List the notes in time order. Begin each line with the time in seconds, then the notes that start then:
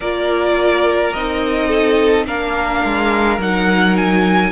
0.00 A#3 F4 A#4 D5
1.13 C4 D#4 D#5
1.68 A4
2.26 A#3 D4 A#4 F5
2.84 G#3
3.37 F#3 D#4 F#5
3.96 G#5